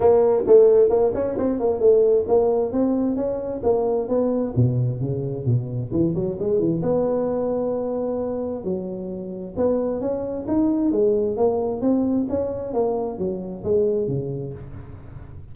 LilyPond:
\new Staff \with { instrumentName = "tuba" } { \time 4/4 \tempo 4 = 132 ais4 a4 ais8 cis'8 c'8 ais8 | a4 ais4 c'4 cis'4 | ais4 b4 b,4 cis4 | b,4 e8 fis8 gis8 e8 b4~ |
b2. fis4~ | fis4 b4 cis'4 dis'4 | gis4 ais4 c'4 cis'4 | ais4 fis4 gis4 cis4 | }